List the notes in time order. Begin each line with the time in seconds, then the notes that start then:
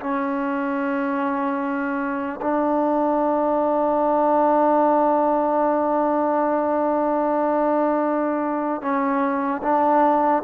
0.00 C#4
2.42 D4
8.82 C#4
9.63 D4